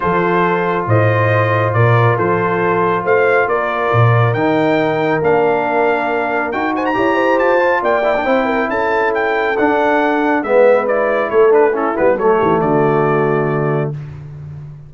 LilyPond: <<
  \new Staff \with { instrumentName = "trumpet" } { \time 4/4 \tempo 4 = 138 c''2 dis''2 | d''4 c''2 f''4 | d''2 g''2 | f''2. g''8 gis''16 ais''16~ |
ais''4 a''4 g''2 | a''4 g''4 fis''2 | e''4 d''4 cis''8 b'8 a'8 b'8 | cis''4 d''2. | }
  \new Staff \with { instrumentName = "horn" } { \time 4/4 a'2 c''2 | ais'4 a'2 c''4 | ais'1~ | ais'2.~ ais'8 c''8 |
cis''8 c''4. d''4 c''8 ais'8 | a'1 | b'2 a'4 e'4 | a'8 g'8 fis'2. | }
  \new Staff \with { instrumentName = "trombone" } { \time 4/4 f'1~ | f'1~ | f'2 dis'2 | d'2. fis'4 |
g'4. f'4 e'16 d'16 e'4~ | e'2 d'2 | b4 e'4. d'8 cis'8 b8 | a1 | }
  \new Staff \with { instrumentName = "tuba" } { \time 4/4 f2 a,2 | ais,4 f2 a4 | ais4 ais,4 dis2 | ais2. dis'4 |
e'4 f'4 ais4 c'4 | cis'2 d'2 | gis2 a4. g8 | fis8 e8 d2. | }
>>